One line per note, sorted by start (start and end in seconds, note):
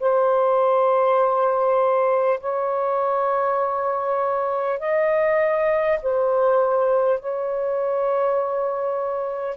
0.00 2.40 C5
2.41 4.79 C#5
4.79 5.99 D#5
6.02 7.19 C5
7.19 9.57 C#5